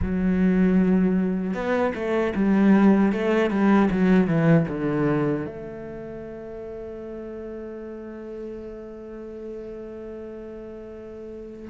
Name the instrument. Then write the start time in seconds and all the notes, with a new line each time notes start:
cello
0.01 F#3
1.54 B3
1.94 A3
2.35 G3
3.12 A3
3.50 G3
3.91 F#3
4.27 E3
4.68 D3
5.46 A3